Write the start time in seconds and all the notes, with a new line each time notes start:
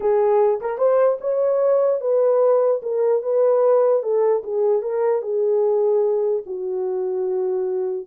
0.00 G#4
0.60 A#4
0.78 C5
1.20 C#5
2.00 B4
2.82 A#4
3.22 B4
4.02 A4
4.43 G#4
4.82 A#4
5.21 G#4
6.46 F#4